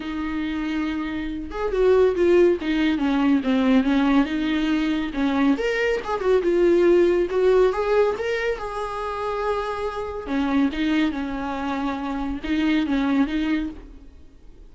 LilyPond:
\new Staff \with { instrumentName = "viola" } { \time 4/4 \tempo 4 = 140 dis'2.~ dis'8 gis'8 | fis'4 f'4 dis'4 cis'4 | c'4 cis'4 dis'2 | cis'4 ais'4 gis'8 fis'8 f'4~ |
f'4 fis'4 gis'4 ais'4 | gis'1 | cis'4 dis'4 cis'2~ | cis'4 dis'4 cis'4 dis'4 | }